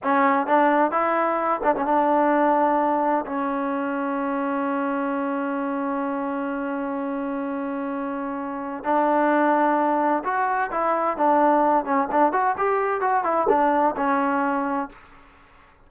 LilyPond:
\new Staff \with { instrumentName = "trombone" } { \time 4/4 \tempo 4 = 129 cis'4 d'4 e'4. d'16 cis'16 | d'2. cis'4~ | cis'1~ | cis'1~ |
cis'2. d'4~ | d'2 fis'4 e'4 | d'4. cis'8 d'8 fis'8 g'4 | fis'8 e'8 d'4 cis'2 | }